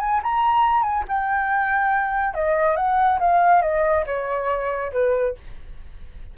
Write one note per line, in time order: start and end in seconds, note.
0.00 0.21 G#5
0.23 0.83 A#5
0.83 1.05 G#5
1.09 2.35 G5
2.35 2.77 D#5
2.77 3.20 F#5
3.20 3.62 F5
3.62 4.05 D#5
4.07 4.92 C#5
4.93 5.36 B4